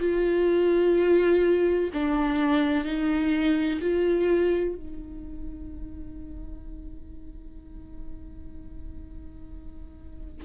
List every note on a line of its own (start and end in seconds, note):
0.00 1.90 F4
1.94 2.85 D4
2.85 3.80 D#4
3.81 4.75 F4
4.75 10.45 D#4